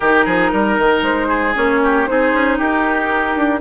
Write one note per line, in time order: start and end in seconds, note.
0.00 0.25 D#3
0.00 1.55 D#4
0.00 0.25 G4
0.00 1.02 A#4
0.25 0.51 F3
0.25 0.51 G#4
0.52 0.78 G3
0.52 1.28 A#4
0.78 1.02 D#3
1.02 1.54 G#3
1.02 1.54 C5
1.28 1.79 G#4
1.55 2.08 A#3
1.55 2.06 C#4
1.55 2.06 C#5
1.83 2.09 G4
2.06 2.32 C4
2.06 3.60 D#4
2.06 2.58 G#4
2.06 2.58 C5
2.32 2.58 C#4
2.58 3.36 D#4
2.58 3.60 G4
2.58 3.60 A#4
3.36 3.60 D4